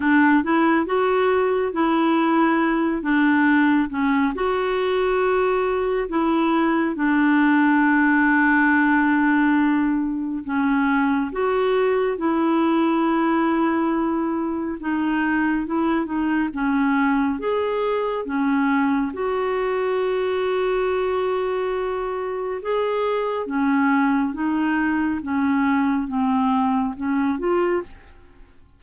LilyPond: \new Staff \with { instrumentName = "clarinet" } { \time 4/4 \tempo 4 = 69 d'8 e'8 fis'4 e'4. d'8~ | d'8 cis'8 fis'2 e'4 | d'1 | cis'4 fis'4 e'2~ |
e'4 dis'4 e'8 dis'8 cis'4 | gis'4 cis'4 fis'2~ | fis'2 gis'4 cis'4 | dis'4 cis'4 c'4 cis'8 f'8 | }